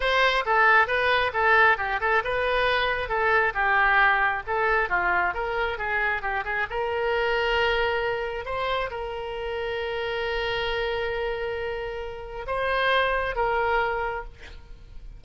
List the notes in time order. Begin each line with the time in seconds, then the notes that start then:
0.00 C5
0.45 A4
0.87 B4
1.33 A4
1.77 G4
2.00 A4
2.23 B4
3.08 A4
3.54 G4
4.46 A4
4.89 F4
5.34 A#4
5.78 G#4
6.21 G4
6.44 G#4
6.70 A#4
8.45 C5
8.90 A#4
12.47 C5
13.35 A#4